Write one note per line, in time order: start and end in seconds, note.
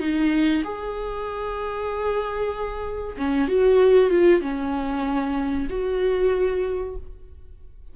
0.00 0.63 D#4
0.64 3.17 G#4
3.18 3.48 C#4
3.48 4.11 F#4
4.11 4.42 F4
4.42 5.68 C#4
5.70 6.96 F#4